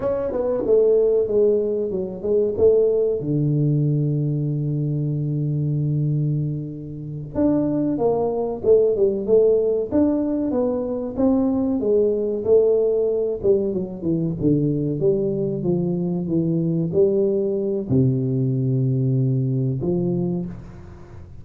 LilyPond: \new Staff \with { instrumentName = "tuba" } { \time 4/4 \tempo 4 = 94 cis'8 b8 a4 gis4 fis8 gis8 | a4 d2.~ | d2.~ d8 d'8~ | d'8 ais4 a8 g8 a4 d'8~ |
d'8 b4 c'4 gis4 a8~ | a4 g8 fis8 e8 d4 g8~ | g8 f4 e4 g4. | c2. f4 | }